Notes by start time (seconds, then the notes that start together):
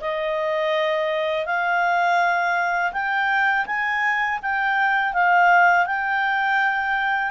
0.00 D#5
1.45 F5
2.92 G5
3.66 G#5
4.42 G5
5.13 F5
5.86 G5